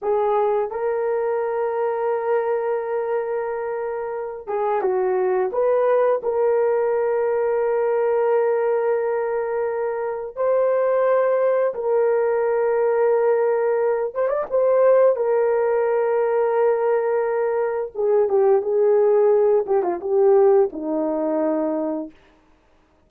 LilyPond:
\new Staff \with { instrumentName = "horn" } { \time 4/4 \tempo 4 = 87 gis'4 ais'2.~ | ais'2~ ais'8 gis'8 fis'4 | b'4 ais'2.~ | ais'2. c''4~ |
c''4 ais'2.~ | ais'8 c''16 d''16 c''4 ais'2~ | ais'2 gis'8 g'8 gis'4~ | gis'8 g'16 f'16 g'4 dis'2 | }